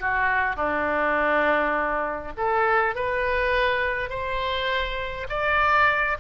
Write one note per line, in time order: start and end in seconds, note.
0.00 0.56 F#4
0.56 2.32 D4
2.37 2.95 A4
2.95 4.10 B4
4.10 5.28 C5
5.29 6.18 D5